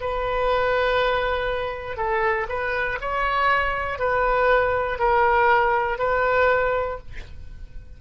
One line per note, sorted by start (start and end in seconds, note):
0.00 1.97 B4
1.97 2.47 A4
2.49 2.99 B4
3.00 3.99 C#5
3.99 4.99 B4
4.99 5.98 A#4
5.98 6.98 B4